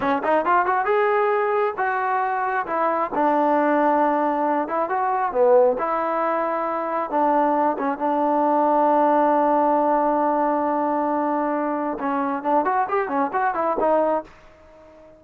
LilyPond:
\new Staff \with { instrumentName = "trombone" } { \time 4/4 \tempo 4 = 135 cis'8 dis'8 f'8 fis'8 gis'2 | fis'2 e'4 d'4~ | d'2~ d'8 e'8 fis'4 | b4 e'2. |
d'4. cis'8 d'2~ | d'1~ | d'2. cis'4 | d'8 fis'8 g'8 cis'8 fis'8 e'8 dis'4 | }